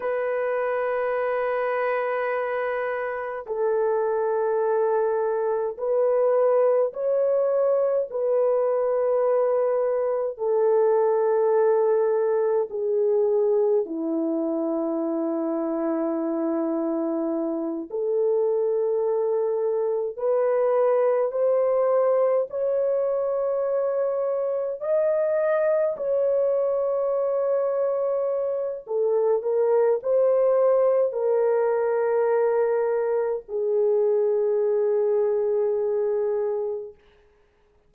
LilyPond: \new Staff \with { instrumentName = "horn" } { \time 4/4 \tempo 4 = 52 b'2. a'4~ | a'4 b'4 cis''4 b'4~ | b'4 a'2 gis'4 | e'2.~ e'8 a'8~ |
a'4. b'4 c''4 cis''8~ | cis''4. dis''4 cis''4.~ | cis''4 a'8 ais'8 c''4 ais'4~ | ais'4 gis'2. | }